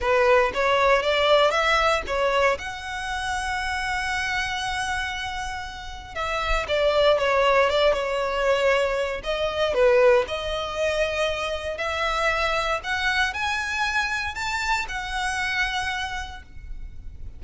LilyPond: \new Staff \with { instrumentName = "violin" } { \time 4/4 \tempo 4 = 117 b'4 cis''4 d''4 e''4 | cis''4 fis''2.~ | fis''1 | e''4 d''4 cis''4 d''8 cis''8~ |
cis''2 dis''4 b'4 | dis''2. e''4~ | e''4 fis''4 gis''2 | a''4 fis''2. | }